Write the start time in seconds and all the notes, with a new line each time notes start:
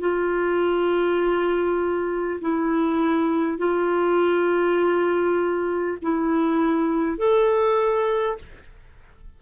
0.00 F4
2.41 E4
3.58 F4
6.02 E4
7.18 A4